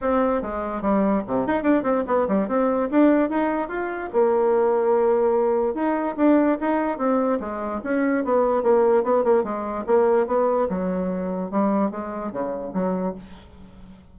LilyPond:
\new Staff \with { instrumentName = "bassoon" } { \time 4/4 \tempo 4 = 146 c'4 gis4 g4 c8 dis'8 | d'8 c'8 b8 g8 c'4 d'4 | dis'4 f'4 ais2~ | ais2 dis'4 d'4 |
dis'4 c'4 gis4 cis'4 | b4 ais4 b8 ais8 gis4 | ais4 b4 fis2 | g4 gis4 cis4 fis4 | }